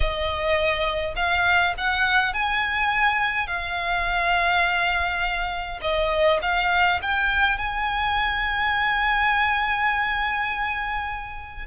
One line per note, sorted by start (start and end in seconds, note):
0.00 1.14 D#5
1.15 1.74 F5
1.77 2.33 F#5
2.33 3.47 G#5
3.47 5.80 F5
5.81 6.39 D#5
6.42 7.00 F5
7.02 7.58 G5
7.58 11.65 G#5